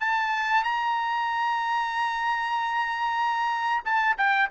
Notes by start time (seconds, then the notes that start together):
0.00 A5
0.64 A#5
3.85 A5
4.18 G5